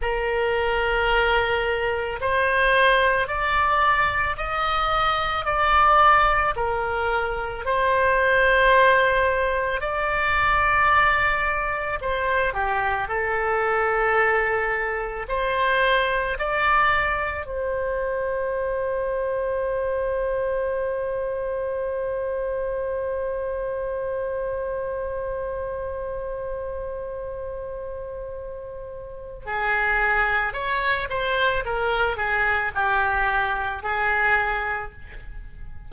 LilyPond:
\new Staff \with { instrumentName = "oboe" } { \time 4/4 \tempo 4 = 55 ais'2 c''4 d''4 | dis''4 d''4 ais'4 c''4~ | c''4 d''2 c''8 g'8 | a'2 c''4 d''4 |
c''1~ | c''1~ | c''2. gis'4 | cis''8 c''8 ais'8 gis'8 g'4 gis'4 | }